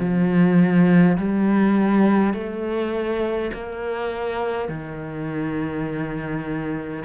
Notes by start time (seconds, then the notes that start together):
0.00 F3
1.18 G3
2.34 A3
3.53 A#3
4.69 D#3